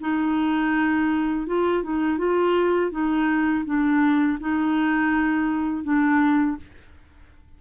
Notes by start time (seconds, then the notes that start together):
0.00 D#4
1.47 F4
1.83 D#4
2.18 F4
2.91 D#4
3.65 D4
4.40 D#4
5.83 D4